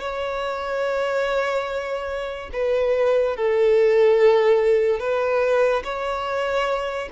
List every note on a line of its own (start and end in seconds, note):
0.00 2.50 C#5
2.53 3.36 B4
3.36 4.99 A4
4.99 5.83 B4
5.84 7.09 C#5